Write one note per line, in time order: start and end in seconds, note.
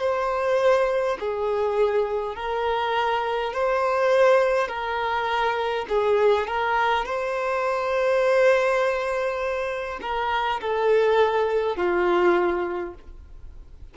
0.00 1.18 C5
1.20 2.36 G#4
2.36 3.53 A#4
3.53 4.68 C5
4.68 5.86 A#4
5.89 6.47 G#4
6.47 7.05 A#4
7.05 9.99 C5
10.02 10.60 A#4
10.61 11.76 A4
11.76 12.94 F4